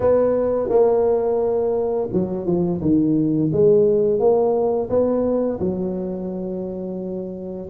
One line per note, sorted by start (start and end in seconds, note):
0.00 0.69 B3
0.69 2.08 A#3
2.12 2.46 F#3
2.46 2.81 F3
2.81 3.50 D#3
3.52 4.19 G#3
4.19 4.89 A#3
4.89 5.59 B3
5.59 7.68 F#3